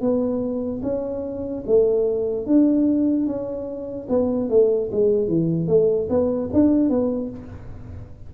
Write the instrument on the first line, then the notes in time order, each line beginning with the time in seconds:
tuba
0.00 B3
0.82 C#4
1.66 A3
2.46 D4
3.26 C#4
4.09 B3
4.49 A3
4.91 G#3
5.27 E3
5.67 A3
6.09 B3
6.53 D4
6.89 B3